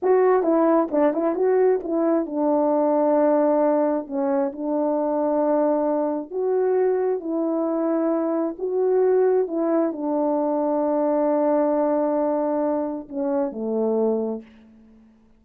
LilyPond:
\new Staff \with { instrumentName = "horn" } { \time 4/4 \tempo 4 = 133 fis'4 e'4 d'8 e'8 fis'4 | e'4 d'2.~ | d'4 cis'4 d'2~ | d'2 fis'2 |
e'2. fis'4~ | fis'4 e'4 d'2~ | d'1~ | d'4 cis'4 a2 | }